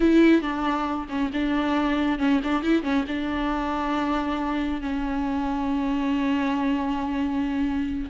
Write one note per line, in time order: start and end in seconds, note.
0.00 0.41 E4
0.41 1.07 D4
1.09 1.31 C#4
1.33 2.18 D4
2.18 2.40 C#4
2.43 2.62 D4
2.62 2.82 E4
2.82 3.04 C#4
3.07 4.81 D4
4.81 8.09 C#4